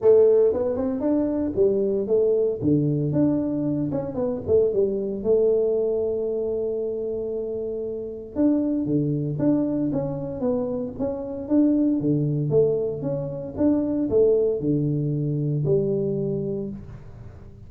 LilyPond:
\new Staff \with { instrumentName = "tuba" } { \time 4/4 \tempo 4 = 115 a4 b8 c'8 d'4 g4 | a4 d4 d'4. cis'8 | b8 a8 g4 a2~ | a1 |
d'4 d4 d'4 cis'4 | b4 cis'4 d'4 d4 | a4 cis'4 d'4 a4 | d2 g2 | }